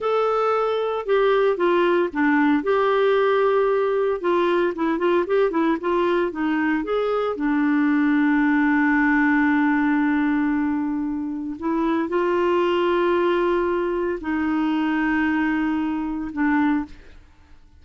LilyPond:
\new Staff \with { instrumentName = "clarinet" } { \time 4/4 \tempo 4 = 114 a'2 g'4 f'4 | d'4 g'2. | f'4 e'8 f'8 g'8 e'8 f'4 | dis'4 gis'4 d'2~ |
d'1~ | d'2 e'4 f'4~ | f'2. dis'4~ | dis'2. d'4 | }